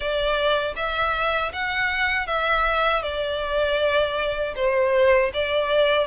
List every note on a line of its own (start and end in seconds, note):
0.00 0.74 D5
0.76 1.52 E5
1.52 2.26 F#5
2.26 3.02 E5
3.02 4.54 D5
4.55 5.31 C5
5.33 6.07 D5